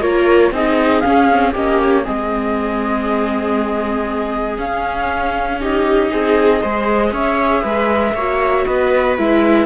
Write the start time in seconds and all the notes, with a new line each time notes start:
0.00 A#3 F4 A#4 C#5
0.51 C4 D#4 G#4 D#5
1.01 C#4 F5
1.31 C4
1.52 A#3 C#4 G4 D#5
1.82 C#5
2.03 G#3 C4 G#4 D#5
4.57 C#4 F5
5.60 D#4 G4 D#5
6.10 C4 G#4
6.61 G#3 G#4 C5
7.11 C#4 C#5 E5
7.61 G#3 B4
8.14 A#3 F#4 C#5
8.65 B3 B4 D#5
9.17 G#3 E4 E5